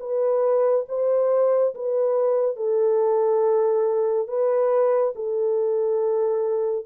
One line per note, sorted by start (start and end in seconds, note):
0.00 0.86 B4
0.88 1.74 C5
1.75 2.56 B4
2.56 4.28 A4
4.28 5.14 B4
5.15 6.86 A4